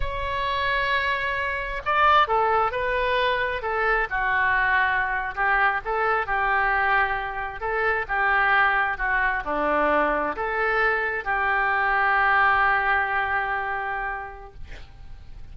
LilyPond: \new Staff \with { instrumentName = "oboe" } { \time 4/4 \tempo 4 = 132 cis''1 | d''4 a'4 b'2 | a'4 fis'2~ fis'8. g'16~ | g'8. a'4 g'2~ g'16~ |
g'8. a'4 g'2 fis'16~ | fis'8. d'2 a'4~ a'16~ | a'8. g'2.~ g'16~ | g'1 | }